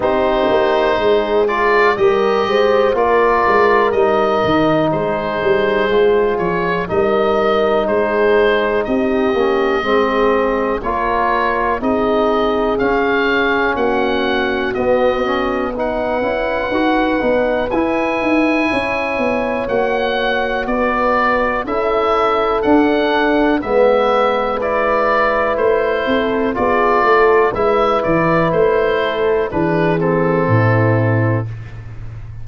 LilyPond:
<<
  \new Staff \with { instrumentName = "oboe" } { \time 4/4 \tempo 4 = 61 c''4. d''8 dis''4 d''4 | dis''4 c''4. cis''8 dis''4 | c''4 dis''2 cis''4 | dis''4 f''4 fis''4 dis''4 |
fis''2 gis''2 | fis''4 d''4 e''4 fis''4 | e''4 d''4 c''4 d''4 | e''8 d''8 c''4 b'8 a'4. | }
  \new Staff \with { instrumentName = "horn" } { \time 4/4 g'4 gis'4 ais'8 c''8 ais'4~ | ais'4 gis'2 ais'4 | gis'4 g'4 gis'4 ais'4 | gis'2 fis'2 |
b'2. cis''4~ | cis''4 b'4 a'2 | b'2~ b'8 a'8 gis'8 a'8 | b'4. a'8 gis'4 e'4 | }
  \new Staff \with { instrumentName = "trombone" } { \time 4/4 dis'4. f'8 g'4 f'4 | dis'2 f'4 dis'4~ | dis'4. cis'8 c'4 f'4 | dis'4 cis'2 b8 cis'8 |
dis'8 e'8 fis'8 dis'8 e'2 | fis'2 e'4 d'4 | b4 e'2 f'4 | e'2 d'8 c'4. | }
  \new Staff \with { instrumentName = "tuba" } { \time 4/4 c'8 ais8 gis4 g8 gis8 ais8 gis8 | g8 dis8 gis8 g8 gis8 f8 g4 | gis4 c'8 ais8 gis4 ais4 | c'4 cis'4 ais4 b4~ |
b8 cis'8 dis'8 b8 e'8 dis'8 cis'8 b8 | ais4 b4 cis'4 d'4 | gis2 a8 c'8 b8 a8 | gis8 e8 a4 e4 a,4 | }
>>